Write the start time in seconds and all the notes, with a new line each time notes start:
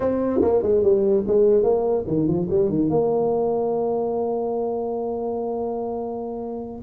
0.00 C4
0.41 A#3
0.62 G#3
0.83 G3
1.27 G#3
1.63 A#3
2.07 D#3
2.27 F3
2.50 G3
2.69 D#3
2.89 A#3